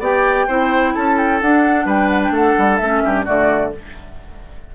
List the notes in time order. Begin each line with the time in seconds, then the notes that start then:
0.00 B3 G4 D5 G5
0.48 C4 E4 C5
0.95 C#4 A4 A5
1.17 G5
1.42 D4 F#5
1.86 G3 B4 G5
2.10 F#5
2.23 G5
2.31 A3 A4 F#5
2.58 G3
2.77 A3 C#4 E5
3.04 G2 G4
3.25 D3 A3 F#4 D5